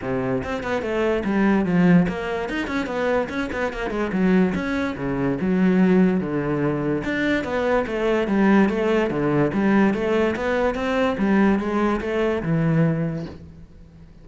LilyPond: \new Staff \with { instrumentName = "cello" } { \time 4/4 \tempo 4 = 145 c4 c'8 b8 a4 g4 | f4 ais4 dis'8 cis'8 b4 | cis'8 b8 ais8 gis8 fis4 cis'4 | cis4 fis2 d4~ |
d4 d'4 b4 a4 | g4 a4 d4 g4 | a4 b4 c'4 g4 | gis4 a4 e2 | }